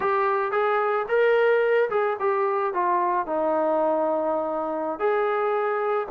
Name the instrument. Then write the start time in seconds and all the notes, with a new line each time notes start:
trombone
0.00 G4
0.51 G#4
1.08 A#4
1.89 G#4
2.19 G4
2.73 F4
3.26 D#4
4.99 G#4